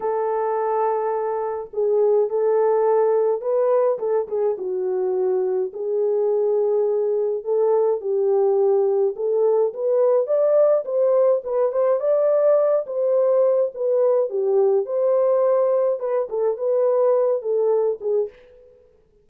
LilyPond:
\new Staff \with { instrumentName = "horn" } { \time 4/4 \tempo 4 = 105 a'2. gis'4 | a'2 b'4 a'8 gis'8 | fis'2 gis'2~ | gis'4 a'4 g'2 |
a'4 b'4 d''4 c''4 | b'8 c''8 d''4. c''4. | b'4 g'4 c''2 | b'8 a'8 b'4. a'4 gis'8 | }